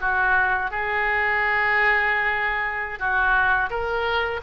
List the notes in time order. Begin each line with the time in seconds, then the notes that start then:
0.00 F#4
0.71 G#4
2.99 F#4
3.70 A#4